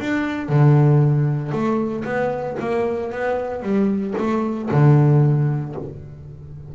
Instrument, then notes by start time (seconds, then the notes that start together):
double bass
0.00 D4
0.49 D3
1.52 A3
2.05 B3
2.60 A#3
3.12 B3
3.62 G3
4.18 A3
4.71 D3